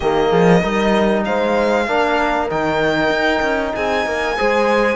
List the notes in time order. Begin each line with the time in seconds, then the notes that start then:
0.00 D#3 A#3 G4 D#5
0.29 F3 G#4
0.61 G3 D#4 A#4
1.24 G#3 C5 F5
1.87 A#3 D4 A#4
2.49 D#3 D#4 G5
3.10 D#4
3.41 C#4
3.74 C4 G#4 G#5
4.05 A#3 A#4
4.37 G#3 G#4 C5